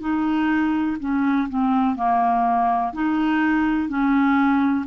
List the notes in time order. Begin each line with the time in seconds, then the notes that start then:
0.00 D#4
0.99 C#4
1.49 C4
1.96 A#3
2.93 D#4
3.88 C#4